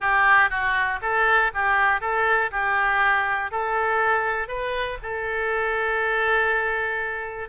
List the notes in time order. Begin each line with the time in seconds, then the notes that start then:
0.00 G4
0.50 F#4
1.01 A4
1.54 G4
2.00 A4
2.51 G4
3.51 A4
4.48 B4
5.02 A4